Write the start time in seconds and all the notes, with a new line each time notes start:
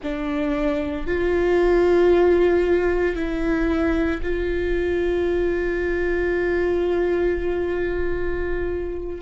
0.02 D4
1.06 F4
3.15 E4
4.22 F4